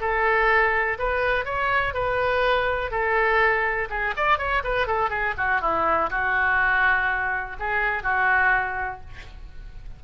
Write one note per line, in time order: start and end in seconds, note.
0.00 0.98 A4
0.98 1.45 B4
1.45 1.93 C#5
1.93 2.91 B4
2.91 3.88 A4
3.90 4.14 G#4
4.16 4.38 D5
4.38 4.62 C#5
4.63 4.87 B4
4.87 5.10 A4
5.10 5.34 G#4
5.37 5.61 F#4
5.61 6.09 E4
6.10 7.56 F#4
7.59 8.03 G#4
8.03 9.00 F#4